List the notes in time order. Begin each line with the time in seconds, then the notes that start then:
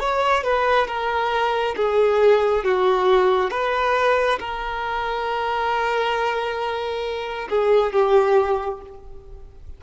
0.00 C#5
0.44 B4
0.87 A#4
1.76 G#4
2.65 F#4
3.51 B4
4.40 A#4
7.50 G#4
7.93 G4